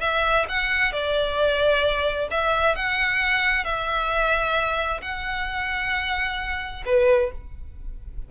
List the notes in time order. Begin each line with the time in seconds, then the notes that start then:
0.00 E5
0.49 F#5
0.92 D5
2.31 E5
2.76 F#5
3.64 E5
5.02 F#5
6.86 B4